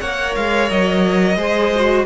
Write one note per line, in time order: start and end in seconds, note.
0.00 0.36 A#3
0.00 1.38 A#4
0.00 1.37 C#5
0.00 0.35 F#5
0.35 0.71 G#3
0.35 0.70 F5
0.70 1.36 F#3
0.70 2.06 D#5
1.36 2.05 G#3
1.36 1.72 G#4
1.36 2.06 C5
1.75 2.06 F#4